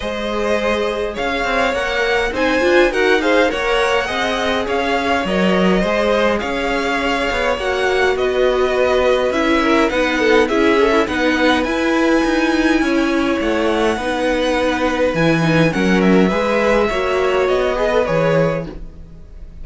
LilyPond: <<
  \new Staff \with { instrumentName = "violin" } { \time 4/4 \tempo 4 = 103 dis''2 f''4 fis''4 | gis''4 fis''8 f''8 fis''2 | f''4 dis''2 f''4~ | f''4 fis''4 dis''2 |
e''4 fis''4 e''4 fis''4 | gis''2. fis''4~ | fis''2 gis''4 fis''8 e''8~ | e''2 dis''4 cis''4 | }
  \new Staff \with { instrumentName = "violin" } { \time 4/4 c''2 cis''2 | c''4 ais'8 c''8 cis''4 dis''4 | cis''2 c''4 cis''4~ | cis''2 b'2~ |
b'8 ais'8 b'8 a'8 gis'8. e'16 b'4~ | b'2 cis''2 | b'2. ais'4 | b'4 cis''4. b'4. | }
  \new Staff \with { instrumentName = "viola" } { \time 4/4 gis'2. ais'4 | dis'8 f'8 fis'8 gis'8 ais'4 gis'4~ | gis'4 ais'4 gis'2~ | gis'4 fis'2. |
e'4 dis'4 e'8 a'8 dis'4 | e'1 | dis'2 e'8 dis'8 cis'4 | gis'4 fis'4. gis'16 a'16 gis'4 | }
  \new Staff \with { instrumentName = "cello" } { \time 4/4 gis2 cis'8 c'8 ais4 | c'8 d'8 dis'4 ais4 c'4 | cis'4 fis4 gis4 cis'4~ | cis'8 b8 ais4 b2 |
cis'4 b4 cis'4 b4 | e'4 dis'4 cis'4 a4 | b2 e4 fis4 | gis4 ais4 b4 e4 | }
>>